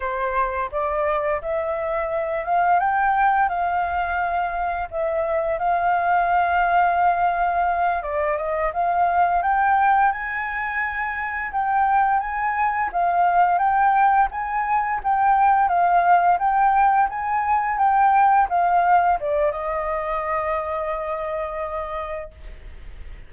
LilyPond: \new Staff \with { instrumentName = "flute" } { \time 4/4 \tempo 4 = 86 c''4 d''4 e''4. f''8 | g''4 f''2 e''4 | f''2.~ f''8 d''8 | dis''8 f''4 g''4 gis''4.~ |
gis''8 g''4 gis''4 f''4 g''8~ | g''8 gis''4 g''4 f''4 g''8~ | g''8 gis''4 g''4 f''4 d''8 | dis''1 | }